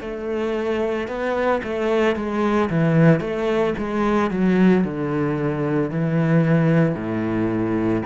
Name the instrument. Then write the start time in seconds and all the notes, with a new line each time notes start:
cello
0.00 A3
1.07 B3
1.63 A3
2.15 G#3
2.69 E3
3.20 A3
3.77 G#3
4.30 F#3
4.84 D3
5.90 E3
6.94 A2